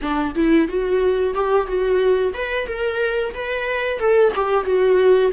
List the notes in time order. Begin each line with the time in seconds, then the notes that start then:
0.01 D4
0.35 E4
0.68 F#4
1.34 G4
1.66 F#4
2.33 B4
2.67 A#4
3.33 B4
3.98 A4
4.35 G4
4.65 F#4